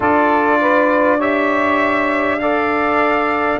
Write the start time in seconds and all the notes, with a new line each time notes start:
0.00 D4 F4 A4 D5
0.60 B4
1.17 G4 C#5 E5
2.39 A4 D5 F5